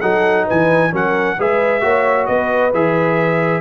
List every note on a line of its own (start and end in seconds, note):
0.00 0.47 F#3
0.00 0.91 D#4
0.00 0.45 A4
0.00 0.45 F#5
0.45 0.92 E3
0.45 0.91 B4
0.45 0.94 G#5
0.91 1.37 F#3
0.91 1.36 C#4
0.91 1.37 A#4
0.91 1.40 F#5
1.38 1.83 G#3
1.38 1.81 G#4
1.38 1.82 B4
1.38 2.26 E5
1.81 2.28 A#3
1.81 2.71 F#4
1.81 2.27 C#5
2.26 2.73 B3
2.26 3.61 B4
2.26 2.71 D#5
2.73 3.61 E3
2.73 3.61 G#4
2.73 3.61 E5